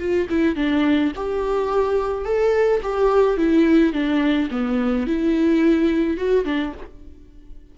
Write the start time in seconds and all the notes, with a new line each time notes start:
0.00 F4
0.30 E4
0.56 D4
1.16 G4
2.25 A4
2.83 G4
3.37 E4
3.93 D4
4.51 B3
5.07 E4
6.18 F#4
6.45 D4